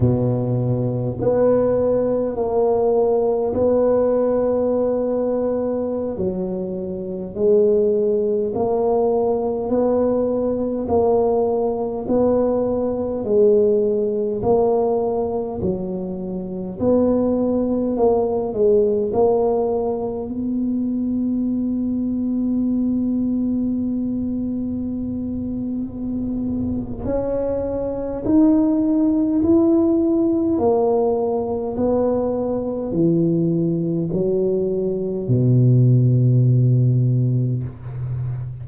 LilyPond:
\new Staff \with { instrumentName = "tuba" } { \time 4/4 \tempo 4 = 51 b,4 b4 ais4 b4~ | b4~ b16 fis4 gis4 ais8.~ | ais16 b4 ais4 b4 gis8.~ | gis16 ais4 fis4 b4 ais8 gis16~ |
gis16 ais4 b2~ b8.~ | b2. cis'4 | dis'4 e'4 ais4 b4 | e4 fis4 b,2 | }